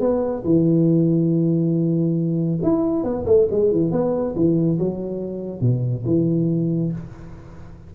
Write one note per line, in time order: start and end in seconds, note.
0.00 0.43 B3
0.44 2.60 E3
2.63 3.04 E4
3.04 3.25 B3
3.26 3.48 A3
3.51 3.71 G#3
3.71 3.91 E3
3.91 4.35 B3
4.35 4.79 E3
4.79 5.61 F#3
5.61 6.04 B2
6.05 6.92 E3